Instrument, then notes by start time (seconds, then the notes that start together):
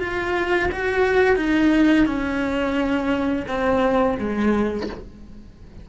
cello
0.00 F4
0.72 F#4
1.36 D#4
2.06 C#4
3.48 C4
4.20 G#3